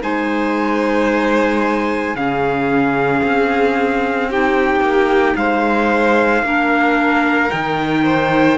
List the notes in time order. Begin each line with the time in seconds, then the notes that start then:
0.00 G#3 D#4 C5 G#5
2.15 C#3 C#4 G#4 F5
3.23 C4
4.29 D#4 G4 G5
4.80 A#3
5.36 G#3 C5 F5
6.43 A#3 D4 A#4
7.50 D#3 D#4 G5
8.04 C5